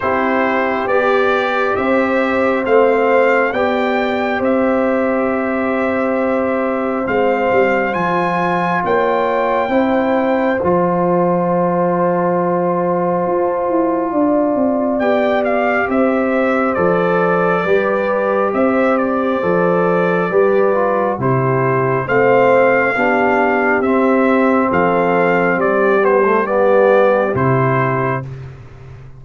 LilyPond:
<<
  \new Staff \with { instrumentName = "trumpet" } { \time 4/4 \tempo 4 = 68 c''4 d''4 e''4 f''4 | g''4 e''2. | f''4 gis''4 g''2 | a''1~ |
a''4 g''8 f''8 e''4 d''4~ | d''4 e''8 d''2~ d''8 | c''4 f''2 e''4 | f''4 d''8 c''8 d''4 c''4 | }
  \new Staff \with { instrumentName = "horn" } { \time 4/4 g'2 c''2 | d''4 c''2.~ | c''2 cis''4 c''4~ | c''1 |
d''2 c''2 | b'4 c''2 b'4 | g'4 c''4 g'2 | a'4 g'2. | }
  \new Staff \with { instrumentName = "trombone" } { \time 4/4 e'4 g'2 c'4 | g'1 | c'4 f'2 e'4 | f'1~ |
f'4 g'2 a'4 | g'2 a'4 g'8 f'8 | e'4 c'4 d'4 c'4~ | c'4. b16 a16 b4 e'4 | }
  \new Staff \with { instrumentName = "tuba" } { \time 4/4 c'4 b4 c'4 a4 | b4 c'2. | gis8 g8 f4 ais4 c'4 | f2. f'8 e'8 |
d'8 c'8 b4 c'4 f4 | g4 c'4 f4 g4 | c4 a4 b4 c'4 | f4 g2 c4 | }
>>